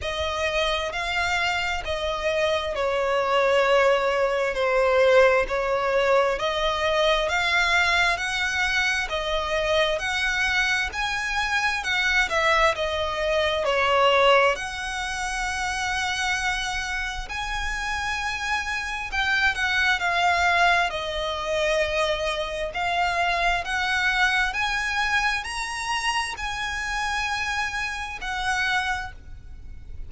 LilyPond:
\new Staff \with { instrumentName = "violin" } { \time 4/4 \tempo 4 = 66 dis''4 f''4 dis''4 cis''4~ | cis''4 c''4 cis''4 dis''4 | f''4 fis''4 dis''4 fis''4 | gis''4 fis''8 e''8 dis''4 cis''4 |
fis''2. gis''4~ | gis''4 g''8 fis''8 f''4 dis''4~ | dis''4 f''4 fis''4 gis''4 | ais''4 gis''2 fis''4 | }